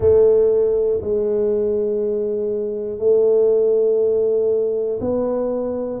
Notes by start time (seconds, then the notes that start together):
0.00 A3
1.01 G#3
2.99 A3
5.00 B3